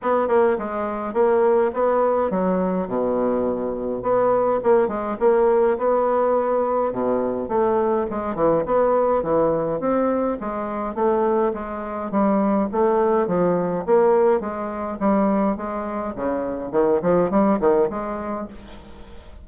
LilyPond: \new Staff \with { instrumentName = "bassoon" } { \time 4/4 \tempo 4 = 104 b8 ais8 gis4 ais4 b4 | fis4 b,2 b4 | ais8 gis8 ais4 b2 | b,4 a4 gis8 e8 b4 |
e4 c'4 gis4 a4 | gis4 g4 a4 f4 | ais4 gis4 g4 gis4 | cis4 dis8 f8 g8 dis8 gis4 | }